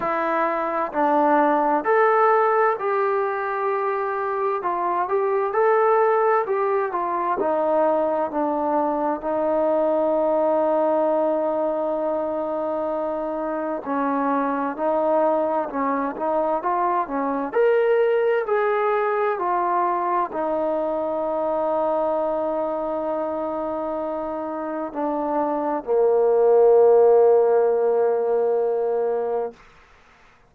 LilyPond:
\new Staff \with { instrumentName = "trombone" } { \time 4/4 \tempo 4 = 65 e'4 d'4 a'4 g'4~ | g'4 f'8 g'8 a'4 g'8 f'8 | dis'4 d'4 dis'2~ | dis'2. cis'4 |
dis'4 cis'8 dis'8 f'8 cis'8 ais'4 | gis'4 f'4 dis'2~ | dis'2. d'4 | ais1 | }